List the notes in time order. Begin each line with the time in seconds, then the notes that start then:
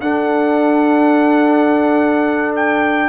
0.00 D4 A4 F#5
2.56 G5